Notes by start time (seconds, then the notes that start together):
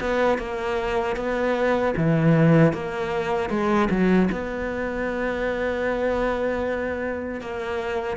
0.00 B3
0.38 A#3
1.16 B3
1.97 E3
2.73 A#3
3.50 G#3
3.90 F#3
4.31 B3
7.41 A#3